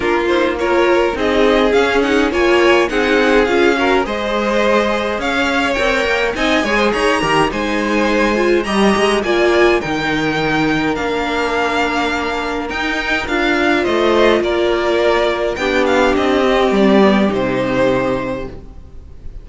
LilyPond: <<
  \new Staff \with { instrumentName = "violin" } { \time 4/4 \tempo 4 = 104 ais'8 c''8 cis''4 dis''4 f''8 fis''8 | gis''4 fis''4 f''4 dis''4~ | dis''4 f''4 g''4 gis''4 | ais''4 gis''2 ais''4 |
gis''4 g''2 f''4~ | f''2 g''4 f''4 | dis''4 d''2 g''8 f''8 | dis''4 d''4 c''2 | }
  \new Staff \with { instrumentName = "violin" } { \time 4/4 f'4 ais'4 gis'2 | cis''4 gis'4. ais'8 c''4~ | c''4 cis''2 dis''8 cis''16 c''16 | cis''8 ais'8 c''2 dis''4 |
d''4 ais'2.~ | ais'1 | c''4 ais'2 g'4~ | g'1 | }
  \new Staff \with { instrumentName = "viola" } { \time 4/4 d'8 dis'8 f'4 dis'4 cis'8 dis'8 | f'4 dis'4 f'8 fis'8 gis'4~ | gis'2 ais'4 dis'8 gis'8~ | gis'8 g'8 dis'4. f'8 g'4 |
f'4 dis'2 d'4~ | d'2 dis'4 f'4~ | f'2. d'4~ | d'8 c'4 b8 dis'2 | }
  \new Staff \with { instrumentName = "cello" } { \time 4/4 ais2 c'4 cis'4 | ais4 c'4 cis'4 gis4~ | gis4 cis'4 c'8 ais8 c'8 gis8 | dis'8 dis8 gis2 g8 gis8 |
ais4 dis2 ais4~ | ais2 dis'4 d'4 | a4 ais2 b4 | c'4 g4 c2 | }
>>